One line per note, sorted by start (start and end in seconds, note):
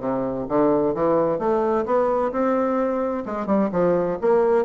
0.00 0.46 C3
0.48 0.94 D3
0.94 1.39 E3
1.39 1.85 A3
1.85 2.31 B3
2.32 3.24 C4
3.25 3.46 G#3
3.46 3.69 G3
3.72 4.18 F3
4.21 4.65 A#3